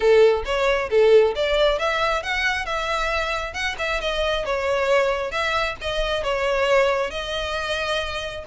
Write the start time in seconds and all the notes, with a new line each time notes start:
0.00 A4
0.45 C#5
0.90 A4
1.35 D5
1.78 E5
2.22 F#5
2.65 E5
3.53 F#5
3.78 E5
4.01 D#5
4.45 C#5
5.31 E5
5.81 D#5
6.23 C#5
7.10 D#5